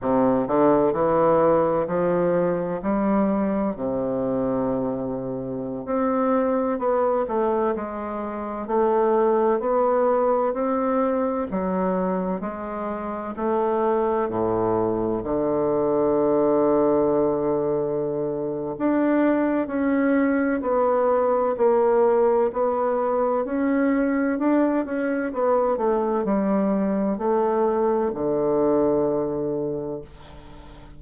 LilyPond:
\new Staff \with { instrumentName = "bassoon" } { \time 4/4 \tempo 4 = 64 c8 d8 e4 f4 g4 | c2~ c16 c'4 b8 a16~ | a16 gis4 a4 b4 c'8.~ | c'16 fis4 gis4 a4 a,8.~ |
a,16 d2.~ d8. | d'4 cis'4 b4 ais4 | b4 cis'4 d'8 cis'8 b8 a8 | g4 a4 d2 | }